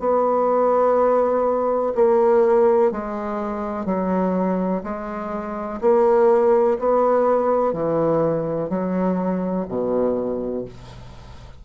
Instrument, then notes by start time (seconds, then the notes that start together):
bassoon
0.00 B3
1.95 A#3
2.92 G#3
3.86 F#3
4.84 G#3
5.81 A#3
6.80 B3
7.73 E3
8.70 F#3
9.69 B2